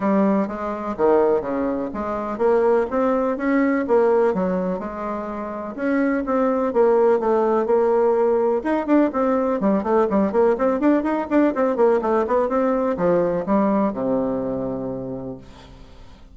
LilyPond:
\new Staff \with { instrumentName = "bassoon" } { \time 4/4 \tempo 4 = 125 g4 gis4 dis4 cis4 | gis4 ais4 c'4 cis'4 | ais4 fis4 gis2 | cis'4 c'4 ais4 a4 |
ais2 dis'8 d'8 c'4 | g8 a8 g8 ais8 c'8 d'8 dis'8 d'8 | c'8 ais8 a8 b8 c'4 f4 | g4 c2. | }